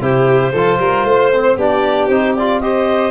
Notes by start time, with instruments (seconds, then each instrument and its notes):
0.00 tuba C3, trombone E4, violin G4, clarinet C5
0.52 tuba F3, trombone F4, violin A4
0.78 tuba G3, violin A#4
1.04 tuba A3, violin C5
1.33 trombone C4
1.56 tuba B3, trombone D4, violin G4, clarinet D5
2.07 tuba C4, trombone D#4, clarinet C5
2.35 trombone F4, clarinet D5
2.60 trombone G4, violin C5, clarinet D#5